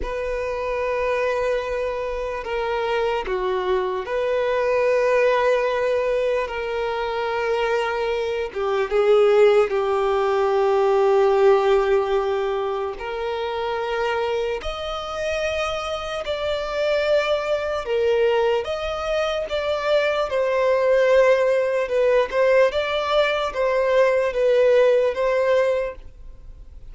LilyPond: \new Staff \with { instrumentName = "violin" } { \time 4/4 \tempo 4 = 74 b'2. ais'4 | fis'4 b'2. | ais'2~ ais'8 g'8 gis'4 | g'1 |
ais'2 dis''2 | d''2 ais'4 dis''4 | d''4 c''2 b'8 c''8 | d''4 c''4 b'4 c''4 | }